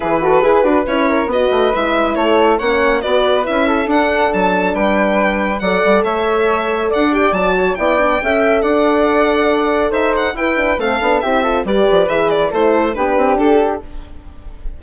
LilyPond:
<<
  \new Staff \with { instrumentName = "violin" } { \time 4/4 \tempo 4 = 139 b'2 cis''4 dis''4 | e''4 cis''4 fis''4 d''4 | e''4 fis''4 a''4 g''4~ | g''4 fis''4 e''2 |
fis''8 g''8 a''4 g''2 | fis''2. e''8 fis''8 | g''4 f''4 e''4 d''4 | e''8 d''8 c''4 b'4 a'4 | }
  \new Staff \with { instrumentName = "flute" } { \time 4/4 gis'8 a'8 b'4. ais'8 b'4~ | b'4 a'4 cis''4 b'4~ | b'8 a'2~ a'8 b'4~ | b'4 d''4 cis''2 |
d''4. cis''8 d''4 e''4 | d''2. c''4 | b'4 a'4 g'8 a'8 b'4~ | b'4 a'4 g'2 | }
  \new Staff \with { instrumentName = "horn" } { \time 4/4 e'8 fis'8 gis'8 fis'8 e'4 fis'4 | e'2 cis'4 fis'4 | e'4 d'2.~ | d'4 a'2.~ |
a'8 g'8 fis'4 e'8 d'8 a'4~ | a'1 | e'8 d'8 c'8 d'8 e'8 f'8 g'4 | gis'4 e'4 d'2 | }
  \new Staff \with { instrumentName = "bassoon" } { \time 4/4 e4 e'8 d'8 cis'4 b8 a8 | gis4 a4 ais4 b4 | cis'4 d'4 fis4 g4~ | g4 fis8 g8 a2 |
d'4 fis4 b4 cis'4 | d'2. dis'4 | e'4 a8 b8 c'4 g8 f8 | e4 a4 b8 c'8 d'4 | }
>>